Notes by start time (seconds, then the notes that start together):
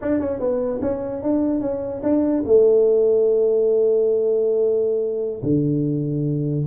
0.01 D4
0.19 C#4
0.39 B3
0.81 C#4
1.22 D4
1.60 C#4
2.02 D4
2.45 A3
5.42 D3